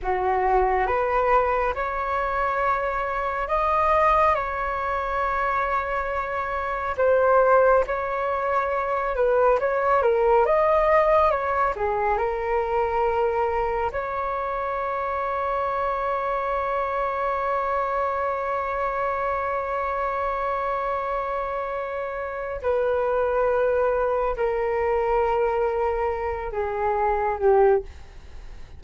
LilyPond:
\new Staff \with { instrumentName = "flute" } { \time 4/4 \tempo 4 = 69 fis'4 b'4 cis''2 | dis''4 cis''2. | c''4 cis''4. b'8 cis''8 ais'8 | dis''4 cis''8 gis'8 ais'2 |
cis''1~ | cis''1~ | cis''2 b'2 | ais'2~ ais'8 gis'4 g'8 | }